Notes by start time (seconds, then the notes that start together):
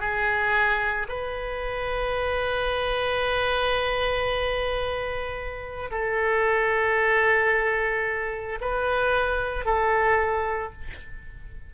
0.00 G#4
1.08 B4
5.91 A4
8.61 B4
9.65 A4